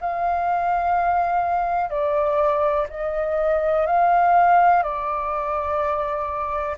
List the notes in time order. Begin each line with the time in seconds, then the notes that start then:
0.00 F5
1.90 D5
2.89 D#5
3.86 F5
4.83 D5